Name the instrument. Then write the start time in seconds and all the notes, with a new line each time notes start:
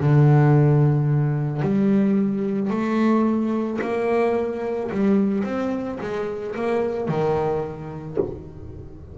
double bass
0.00 D3
1.62 G3
2.70 A3
3.82 A#3
4.91 G3
5.44 C4
6.01 G#3
6.56 A#3
7.09 D#3